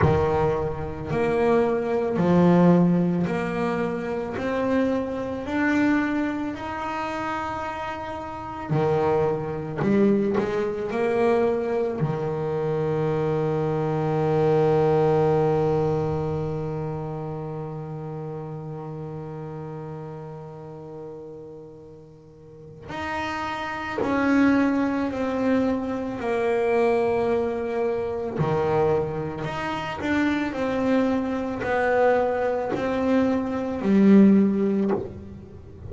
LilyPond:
\new Staff \with { instrumentName = "double bass" } { \time 4/4 \tempo 4 = 55 dis4 ais4 f4 ais4 | c'4 d'4 dis'2 | dis4 g8 gis8 ais4 dis4~ | dis1~ |
dis1~ | dis4 dis'4 cis'4 c'4 | ais2 dis4 dis'8 d'8 | c'4 b4 c'4 g4 | }